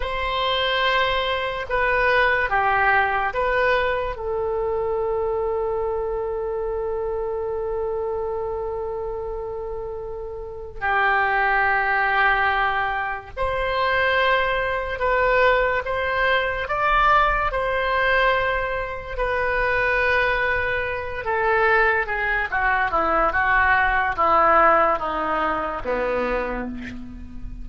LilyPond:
\new Staff \with { instrumentName = "oboe" } { \time 4/4 \tempo 4 = 72 c''2 b'4 g'4 | b'4 a'2.~ | a'1~ | a'4 g'2. |
c''2 b'4 c''4 | d''4 c''2 b'4~ | b'4. a'4 gis'8 fis'8 e'8 | fis'4 e'4 dis'4 b4 | }